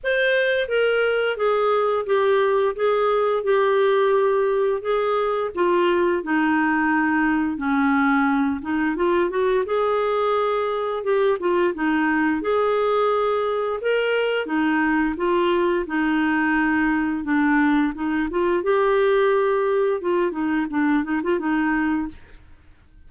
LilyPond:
\new Staff \with { instrumentName = "clarinet" } { \time 4/4 \tempo 4 = 87 c''4 ais'4 gis'4 g'4 | gis'4 g'2 gis'4 | f'4 dis'2 cis'4~ | cis'8 dis'8 f'8 fis'8 gis'2 |
g'8 f'8 dis'4 gis'2 | ais'4 dis'4 f'4 dis'4~ | dis'4 d'4 dis'8 f'8 g'4~ | g'4 f'8 dis'8 d'8 dis'16 f'16 dis'4 | }